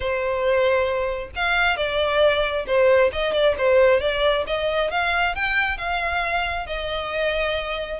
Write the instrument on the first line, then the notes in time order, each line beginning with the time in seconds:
violin
0.00 C5
1.35 F5
1.76 D5
2.66 C5
3.12 D#5
3.33 D5
3.58 C5
4.00 D5
4.47 D#5
4.90 F5
5.35 G5
5.77 F5
6.66 D#5